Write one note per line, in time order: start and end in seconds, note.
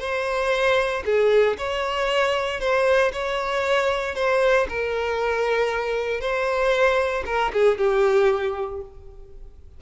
0.00 1.03 C5
1.05 1.57 G#4
1.58 2.60 C#5
2.60 3.12 C5
3.13 4.15 C#5
4.15 4.67 C5
4.69 6.21 A#4
6.21 7.24 C5
7.26 7.52 A#4
7.53 7.78 G#4
7.78 8.81 G4